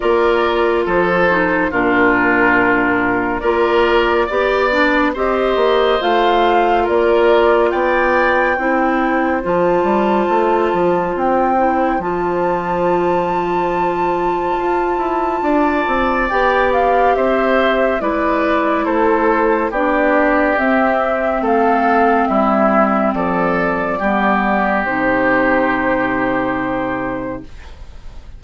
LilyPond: <<
  \new Staff \with { instrumentName = "flute" } { \time 4/4 \tempo 4 = 70 d''4 c''4 ais'2 | d''2 dis''4 f''4 | d''4 g''2 a''4~ | a''4 g''4 a''2~ |
a''2. g''8 f''8 | e''4 d''4 c''4 d''4 | e''4 f''4 e''4 d''4~ | d''4 c''2. | }
  \new Staff \with { instrumentName = "oboe" } { \time 4/4 ais'4 a'4 f'2 | ais'4 d''4 c''2 | ais'4 d''4 c''2~ | c''1~ |
c''2 d''2 | c''4 b'4 a'4 g'4~ | g'4 a'4 e'4 a'4 | g'1 | }
  \new Staff \with { instrumentName = "clarinet" } { \time 4/4 f'4. dis'8 d'2 | f'4 g'8 d'8 g'4 f'4~ | f'2 e'4 f'4~ | f'4. e'8 f'2~ |
f'2. g'4~ | g'4 e'2 d'4 | c'1 | b4 dis'2. | }
  \new Staff \with { instrumentName = "bassoon" } { \time 4/4 ais4 f4 ais,2 | ais4 b4 c'8 ais8 a4 | ais4 b4 c'4 f8 g8 | a8 f8 c'4 f2~ |
f4 f'8 e'8 d'8 c'8 b4 | c'4 gis4 a4 b4 | c'4 a4 g4 f4 | g4 c2. | }
>>